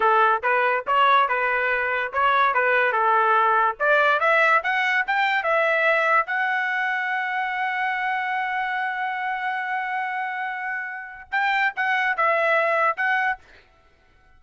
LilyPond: \new Staff \with { instrumentName = "trumpet" } { \time 4/4 \tempo 4 = 143 a'4 b'4 cis''4 b'4~ | b'4 cis''4 b'4 a'4~ | a'4 d''4 e''4 fis''4 | g''4 e''2 fis''4~ |
fis''1~ | fis''1~ | fis''2. g''4 | fis''4 e''2 fis''4 | }